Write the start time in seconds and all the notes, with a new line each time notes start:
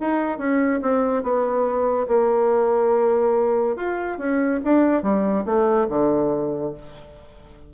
0.00 D#4
0.38 C#4
0.82 C4
1.23 B3
2.08 A#3
3.76 F4
4.18 C#4
4.64 D4
5.03 G3
5.45 A3
5.89 D3